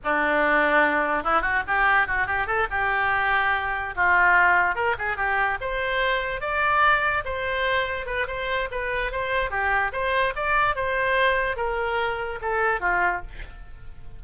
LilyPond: \new Staff \with { instrumentName = "oboe" } { \time 4/4 \tempo 4 = 145 d'2. e'8 fis'8 | g'4 fis'8 g'8 a'8 g'4.~ | g'4. f'2 ais'8 | gis'8 g'4 c''2 d''8~ |
d''4. c''2 b'8 | c''4 b'4 c''4 g'4 | c''4 d''4 c''2 | ais'2 a'4 f'4 | }